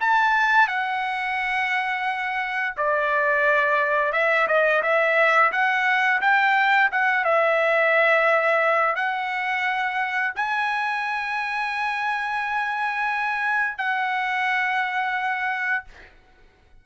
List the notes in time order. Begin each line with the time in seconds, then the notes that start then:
0.00 A5
0.67 F#5
2.76 D5
4.12 E5
4.47 D#5
4.82 E5
5.52 F#5
6.21 G5
6.91 F#5
7.24 E5
8.95 F#5
10.35 G#5
13.77 F#5